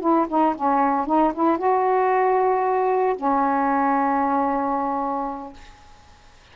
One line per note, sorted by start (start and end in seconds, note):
0.00 0.26 E4
0.28 0.55 D#4
0.55 1.06 C#4
1.06 1.32 D#4
1.34 1.58 E4
1.58 3.16 F#4
3.16 5.53 C#4